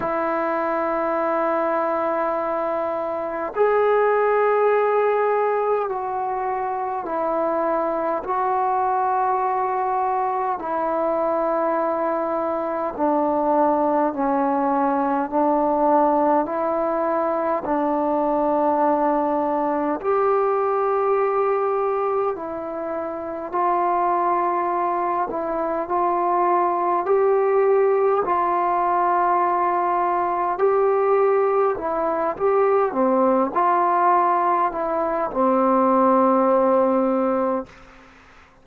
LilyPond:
\new Staff \with { instrumentName = "trombone" } { \time 4/4 \tempo 4 = 51 e'2. gis'4~ | gis'4 fis'4 e'4 fis'4~ | fis'4 e'2 d'4 | cis'4 d'4 e'4 d'4~ |
d'4 g'2 e'4 | f'4. e'8 f'4 g'4 | f'2 g'4 e'8 g'8 | c'8 f'4 e'8 c'2 | }